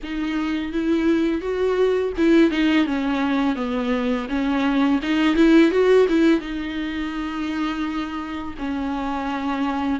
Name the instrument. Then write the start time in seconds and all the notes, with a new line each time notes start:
viola
0.03 D#4
0.72 E4
1.41 F#4
2.17 E4
2.51 D#4
2.86 C#4
3.55 B3
4.28 C#4
5.02 D#4
5.35 E4
5.71 F#4
6.08 E4
6.40 D#4
8.58 C#4